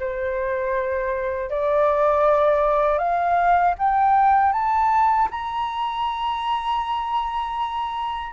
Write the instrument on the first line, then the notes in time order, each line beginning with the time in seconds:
flute
0.00 C5
1.50 D5
2.99 F5
3.79 G5
4.53 A5
5.31 A#5